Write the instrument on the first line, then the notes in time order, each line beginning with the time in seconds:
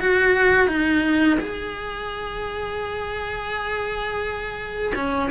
cello
0.00 F#4
0.68 D#4
1.40 G#4
4.95 C#4